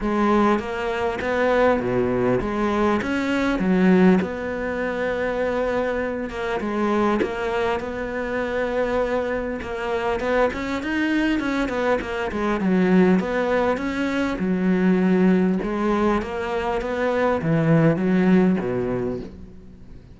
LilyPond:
\new Staff \with { instrumentName = "cello" } { \time 4/4 \tempo 4 = 100 gis4 ais4 b4 b,4 | gis4 cis'4 fis4 b4~ | b2~ b8 ais8 gis4 | ais4 b2. |
ais4 b8 cis'8 dis'4 cis'8 b8 | ais8 gis8 fis4 b4 cis'4 | fis2 gis4 ais4 | b4 e4 fis4 b,4 | }